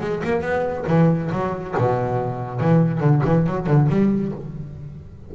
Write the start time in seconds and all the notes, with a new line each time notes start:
0.00 G#3
0.23 A#3
0.41 B3
0.87 E3
1.31 F#3
1.78 B2
2.60 E3
3.00 D3
3.25 E3
3.46 F#3
3.66 D3
3.89 G3